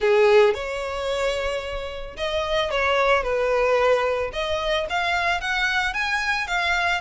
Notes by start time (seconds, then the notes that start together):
0.00 G#4
0.54 C#5
2.16 D#5
2.70 C#5
3.23 B4
4.32 D#5
4.89 F5
5.40 F#5
5.93 G#5
6.47 F5